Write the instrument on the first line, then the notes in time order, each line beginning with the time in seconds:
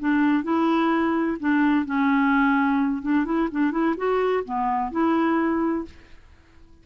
clarinet
0.00 D4
0.44 E4
1.40 D4
1.86 C#4
3.03 D4
3.26 E4
3.52 D4
3.72 E4
3.97 F#4
4.45 B3
4.92 E4